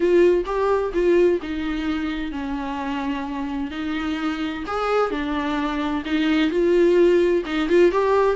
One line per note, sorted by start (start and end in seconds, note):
0.00 0.44 F4
0.45 0.92 G4
0.93 1.40 F4
1.42 2.31 D#4
2.31 3.71 C#4
3.71 4.64 D#4
4.67 5.10 G#4
5.10 6.03 D4
6.05 6.50 D#4
6.50 7.43 F4
7.45 7.68 D#4
7.68 7.91 F4
7.91 8.36 G4